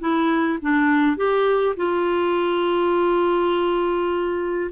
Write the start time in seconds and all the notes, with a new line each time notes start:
0.00 E4
0.61 D4
1.17 G4
1.76 F4